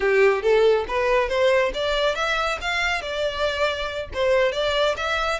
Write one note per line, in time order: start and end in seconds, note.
0.00 0.42 G4
0.42 0.85 A4
0.88 1.29 B4
1.29 1.72 C5
1.74 2.15 D5
2.15 2.58 E5
2.61 3.01 F5
3.01 4.09 D5
4.13 4.51 C5
4.51 4.95 D5
4.96 5.39 E5